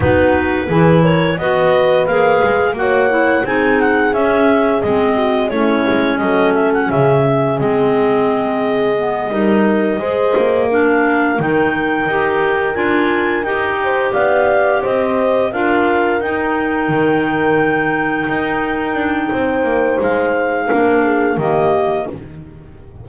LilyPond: <<
  \new Staff \with { instrumentName = "clarinet" } { \time 4/4 \tempo 4 = 87 b'4. cis''8 dis''4 f''4 | fis''4 gis''8 fis''8 e''4 dis''4 | cis''4 dis''8 e''16 fis''16 e''4 dis''4~ | dis''2.~ dis''8 f''8~ |
f''8 g''2 gis''4 g''8~ | g''8 f''4 dis''4 f''4 g''8~ | g''1~ | g''4 f''2 dis''4 | }
  \new Staff \with { instrumentName = "horn" } { \time 4/4 fis'4 gis'8 ais'8 b'2 | cis''4 gis'2~ gis'8 fis'8 | e'4 a'4 gis'2~ | gis'4. ais'4 c''4 ais'8~ |
ais'1 | c''8 d''4 c''4 ais'4.~ | ais'1 | c''2 ais'8 gis'8 g'4 | }
  \new Staff \with { instrumentName = "clarinet" } { \time 4/4 dis'4 e'4 fis'4 gis'4 | fis'8 e'8 dis'4 cis'4 c'4 | cis'2. c'4~ | c'4 b8 dis'4 gis'4 d'8~ |
d'8 dis'4 g'4 f'4 g'8~ | g'2~ g'8 f'4 dis'8~ | dis'1~ | dis'2 d'4 ais4 | }
  \new Staff \with { instrumentName = "double bass" } { \time 4/4 b4 e4 b4 ais8 gis8 | ais4 c'4 cis'4 gis4 | a8 gis8 fis4 cis4 gis4~ | gis4. g4 gis8 ais4~ |
ais8 dis4 dis'4 d'4 dis'8~ | dis'8 b4 c'4 d'4 dis'8~ | dis'8 dis2 dis'4 d'8 | c'8 ais8 gis4 ais4 dis4 | }
>>